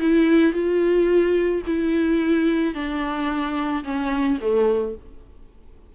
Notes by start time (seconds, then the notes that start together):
0.00 E4
0.53 F4
1.67 E4
2.74 D4
3.84 C#4
4.41 A3